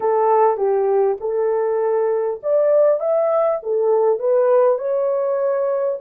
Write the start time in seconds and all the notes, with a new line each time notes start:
0.00 A4
0.57 G4
1.20 A4
2.42 D5
3.00 E5
3.63 A4
4.19 B4
4.78 C#5